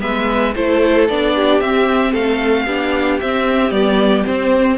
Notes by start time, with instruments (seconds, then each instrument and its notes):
0.00 cello G#3, viola B3, violin B4 E5
0.55 cello A3, viola E4, violin A4 C5
1.09 cello B3, viola D4, violin D5
1.35 violin G4
1.61 cello C4, viola C4, violin E5
2.12 cello A3, violin A4 F5
2.66 cello B3, viola D4, violin G4
3.20 viola C4, cello C4, violin E5
3.71 cello G3, viola B3, violin D5
4.24 viola C4, cello C4, violin C5